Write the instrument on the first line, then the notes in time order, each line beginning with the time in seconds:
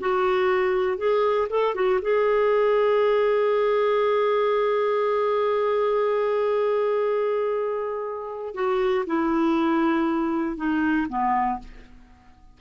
clarinet
0.00 F#4
0.98 G#4
1.50 A4
1.75 F#4
2.02 G#4
8.55 F#4
9.06 E4
10.57 D#4
11.09 B3